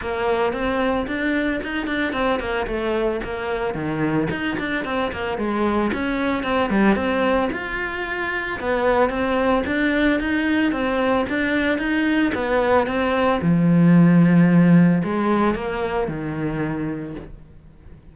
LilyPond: \new Staff \with { instrumentName = "cello" } { \time 4/4 \tempo 4 = 112 ais4 c'4 d'4 dis'8 d'8 | c'8 ais8 a4 ais4 dis4 | dis'8 d'8 c'8 ais8 gis4 cis'4 | c'8 g8 c'4 f'2 |
b4 c'4 d'4 dis'4 | c'4 d'4 dis'4 b4 | c'4 f2. | gis4 ais4 dis2 | }